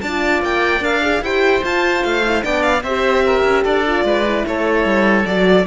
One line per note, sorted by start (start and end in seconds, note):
0.00 0.42 D4
0.00 1.22 D5
0.00 0.40 A5
0.07 0.80 F4
0.42 0.80 A#3
0.42 0.84 G5
0.80 1.20 D4
0.80 1.01 A#4
0.80 1.23 F5
1.01 1.21 G#4
1.21 1.61 E4
1.21 1.62 G4
1.21 2.45 C5
1.21 1.63 G5
1.62 2.23 F4
1.62 2.03 F4
1.62 2.03 A5
2.03 2.43 A3
2.03 2.43 F5
2.24 2.42 E4
2.42 2.83 B3
2.42 2.82 D4
2.42 2.83 D5
2.42 2.62 G5
2.62 2.82 F5
2.83 3.43 C4
2.83 3.86 G4
2.83 3.23 C5
2.83 3.63 E5
3.26 3.63 A#4
3.44 3.64 C#4
3.63 4.04 D4
3.63 4.04 A4
3.63 4.45 D5
3.86 4.24 F4
4.04 4.44 G#3
4.04 4.46 B4
4.24 5.25 E4
4.47 4.84 A3
4.47 5.67 A4
4.47 5.26 C#5
4.84 5.24 G3
5.26 5.66 F#3
5.26 5.66 F#4
5.26 5.66 D5